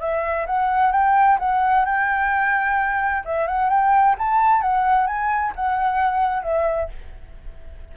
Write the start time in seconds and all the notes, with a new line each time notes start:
0.00 E5
0.47 F#5
0.92 G5
1.40 F#5
1.85 G5
3.25 E5
3.47 F#5
3.70 G5
4.19 A5
4.62 F#5
5.07 G#5
5.56 F#5
6.43 E5